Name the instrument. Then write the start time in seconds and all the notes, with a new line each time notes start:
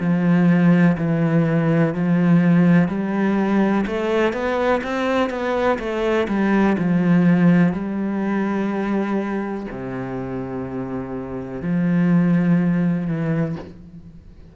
cello
0.00 F3
0.98 E3
1.94 F3
2.89 G3
3.87 A3
4.33 B3
4.83 C4
5.30 B3
5.79 A3
6.29 G3
6.78 F3
7.73 G3
9.71 C3
11.62 F3
13.07 E3